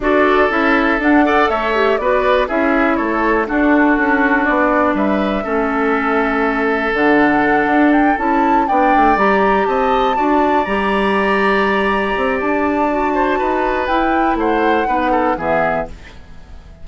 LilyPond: <<
  \new Staff \with { instrumentName = "flute" } { \time 4/4 \tempo 4 = 121 d''4 e''4 fis''4 e''4 | d''4 e''4 cis''4 a'4~ | a'4 d''4 e''2~ | e''2 fis''2 |
g''8 a''4 g''4 ais''4 a''8~ | a''4. ais''2~ ais''8~ | ais''4 a''2. | g''4 fis''2 e''4 | }
  \new Staff \with { instrumentName = "oboe" } { \time 4/4 a'2~ a'8 d''8 cis''4 | b'4 gis'4 a'4 fis'4~ | fis'2 b'4 a'4~ | a'1~ |
a'4. d''2 dis''8~ | dis''8 d''2.~ d''8~ | d''2~ d''8 c''8 b'4~ | b'4 c''4 b'8 a'8 gis'4 | }
  \new Staff \with { instrumentName = "clarinet" } { \time 4/4 fis'4 e'4 d'8 a'4 g'8 | fis'4 e'2 d'4~ | d'2. cis'4~ | cis'2 d'2~ |
d'8 e'4 d'4 g'4.~ | g'8 fis'4 g'2~ g'8~ | g'2 fis'2 | e'2 dis'4 b4 | }
  \new Staff \with { instrumentName = "bassoon" } { \time 4/4 d'4 cis'4 d'4 a4 | b4 cis'4 a4 d'4 | cis'4 b4 g4 a4~ | a2 d4. d'8~ |
d'8 cis'4 b8 a8 g4 c'8~ | c'8 d'4 g2~ g8~ | g8 c'8 d'2 dis'4 | e'4 a4 b4 e4 | }
>>